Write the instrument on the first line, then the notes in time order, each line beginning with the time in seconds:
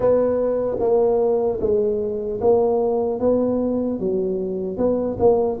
tuba
0.00 B3
0.79 A#3
1.60 G#3
2.40 A#3
3.19 B3
3.99 F#3
4.77 B3
5.19 A#3